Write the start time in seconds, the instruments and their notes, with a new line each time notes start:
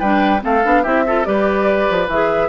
0.00 bassoon G3, clarinet D4, oboe B4, flute G5
0.40 bassoon A3, clarinet C4, oboe A4, flute F5
0.64 bassoon B3, clarinet D4
0.83 bassoon C4, clarinet E4, oboe G4, flute E5
1.07 clarinet F4, oboe A4
1.25 bassoon G3, clarinet G4, oboe B4, flute D5
1.90 bassoon F3
2.08 bassoon E3, clarinet G#4, flute E5